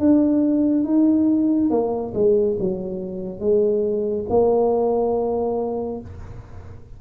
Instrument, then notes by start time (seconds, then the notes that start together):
tuba
0.00 D4
0.85 D#4
1.71 A#3
2.15 G#3
2.60 F#3
3.40 G#3
4.30 A#3